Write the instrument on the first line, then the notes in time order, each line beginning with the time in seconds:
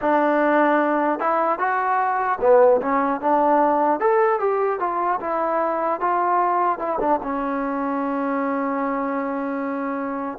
trombone
0.01 D4
1.19 E4
1.59 F#4
2.40 B3
2.81 C#4
3.20 D4
4.00 A4
4.39 G4
4.79 F4
5.20 E4
6.00 F4
6.79 E4
7.00 D4
7.23 C#4